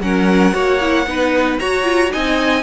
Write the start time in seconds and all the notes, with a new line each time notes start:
0.00 F#3 C#4 A#4 F#5
0.53 A#3 F#4 C#5
0.80 E4
1.06 B3 D#4 B4
1.58 F#4 C#5 A#5
1.83 F4
2.10 C4 D#4 D#5 G#5